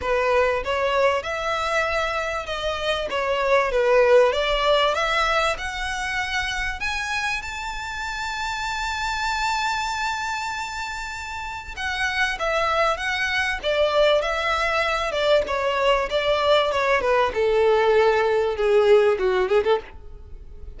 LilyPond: \new Staff \with { instrumentName = "violin" } { \time 4/4 \tempo 4 = 97 b'4 cis''4 e''2 | dis''4 cis''4 b'4 d''4 | e''4 fis''2 gis''4 | a''1~ |
a''2. fis''4 | e''4 fis''4 d''4 e''4~ | e''8 d''8 cis''4 d''4 cis''8 b'8 | a'2 gis'4 fis'8 gis'16 a'16 | }